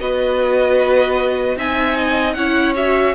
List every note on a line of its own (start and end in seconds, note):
0.00 1.57 B3
0.00 1.57 F#4
0.00 1.58 B4
0.00 1.58 D#5
1.57 2.36 C4
1.57 2.36 D#4
1.57 1.97 E5
1.57 2.34 G#5
1.97 2.37 D#5
2.34 3.14 C#4
2.34 2.75 E4
2.34 3.15 C#5
2.34 2.73 F#5
2.75 3.15 F#4
2.75 3.15 E5